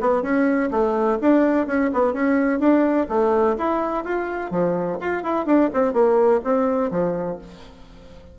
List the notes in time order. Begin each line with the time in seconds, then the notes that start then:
0.00 B3
0.22 C#4
0.71 A3
1.21 D4
1.67 C#4
1.93 B3
2.13 C#4
2.59 D4
3.09 A3
3.58 E4
4.04 F4
4.50 F3
5.00 F4
5.23 E4
5.46 D4
5.73 C4
5.93 A#3
6.44 C4
6.91 F3